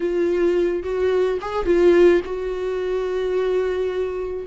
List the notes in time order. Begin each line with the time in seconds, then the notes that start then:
0.00 F4
0.83 F#4
1.41 G#4
1.65 F4
2.24 F#4